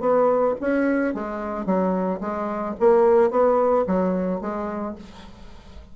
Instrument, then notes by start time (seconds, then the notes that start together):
bassoon
0.00 B3
0.60 C#4
1.14 G#3
1.65 F#3
2.20 G#3
2.79 A#3
3.30 B3
3.87 F#3
4.41 G#3